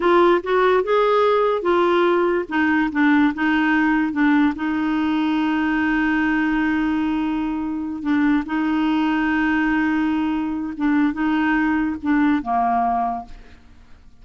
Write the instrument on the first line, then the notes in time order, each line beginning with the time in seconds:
clarinet
0.00 F4
0.43 F#4
0.83 G#4
1.62 F4
2.48 D#4
2.92 D4
3.34 D#4
4.12 D4
4.55 D#4
8.02 D4
8.46 D#4
10.76 D4
11.13 D#4
12.02 D4
12.42 A#3